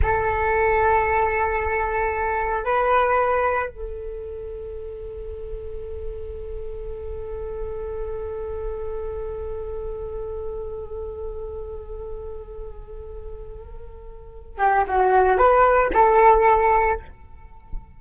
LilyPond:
\new Staff \with { instrumentName = "flute" } { \time 4/4 \tempo 4 = 113 a'1~ | a'4 b'2 a'4~ | a'1~ | a'1~ |
a'1~ | a'1~ | a'2.~ a'8 g'8 | fis'4 b'4 a'2 | }